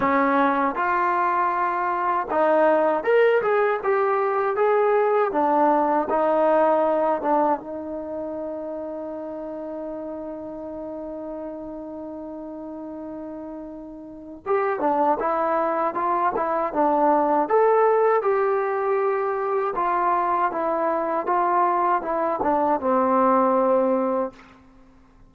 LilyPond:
\new Staff \with { instrumentName = "trombone" } { \time 4/4 \tempo 4 = 79 cis'4 f'2 dis'4 | ais'8 gis'8 g'4 gis'4 d'4 | dis'4. d'8 dis'2~ | dis'1~ |
dis'2. g'8 d'8 | e'4 f'8 e'8 d'4 a'4 | g'2 f'4 e'4 | f'4 e'8 d'8 c'2 | }